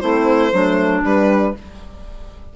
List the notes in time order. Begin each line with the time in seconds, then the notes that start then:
0.00 A3 C4 E4 C5
0.52 F#3 A3 D4
1.03 G3 B4